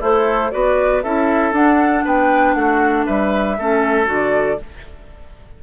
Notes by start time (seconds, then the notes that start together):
0.00 A3 E4 A4 C5
0.51 B3 F#4 B4 D5
1.03 C#4 E4 A4 E5
1.52 D4 F#5
2.05 B3 B4 G5
2.54 A3 F#4 F#5
3.06 G3 B4 E5
3.59 A3 C#4 A4
4.05 D3 F#4
4.12 D5